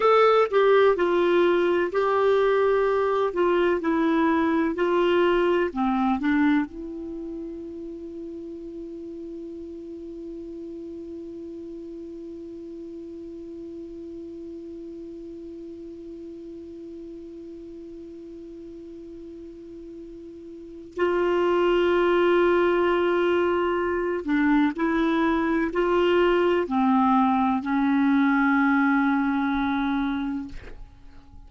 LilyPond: \new Staff \with { instrumentName = "clarinet" } { \time 4/4 \tempo 4 = 63 a'8 g'8 f'4 g'4. f'8 | e'4 f'4 c'8 d'8 e'4~ | e'1~ | e'1~ |
e'1~ | e'2 f'2~ | f'4. d'8 e'4 f'4 | c'4 cis'2. | }